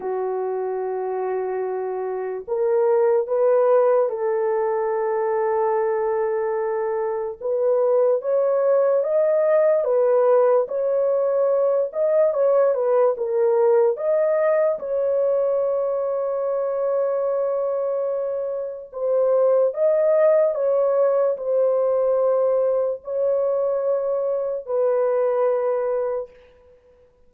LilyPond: \new Staff \with { instrumentName = "horn" } { \time 4/4 \tempo 4 = 73 fis'2. ais'4 | b'4 a'2.~ | a'4 b'4 cis''4 dis''4 | b'4 cis''4. dis''8 cis''8 b'8 |
ais'4 dis''4 cis''2~ | cis''2. c''4 | dis''4 cis''4 c''2 | cis''2 b'2 | }